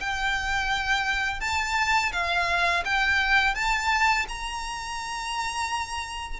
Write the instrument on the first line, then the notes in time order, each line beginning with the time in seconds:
violin
0.00 G5
1.40 A5
2.12 F5
2.85 G5
3.55 A5
4.28 A#5